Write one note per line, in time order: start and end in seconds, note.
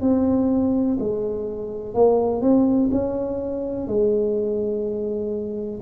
0.00 0.97 C4
0.99 1.94 G#3
1.94 2.41 A#3
2.41 2.89 C4
2.91 3.87 C#4
3.87 5.81 G#3